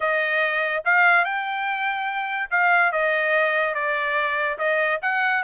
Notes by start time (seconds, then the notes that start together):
0.00 D#5
0.84 F5
1.24 G5
2.50 F5
2.91 D#5
3.74 D5
4.58 D#5
5.02 F#5